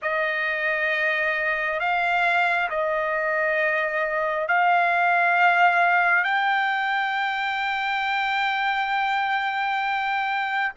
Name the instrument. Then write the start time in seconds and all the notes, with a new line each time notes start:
trumpet
0.02 D#5
1.79 F5
2.69 D#5
4.48 F5
6.24 G5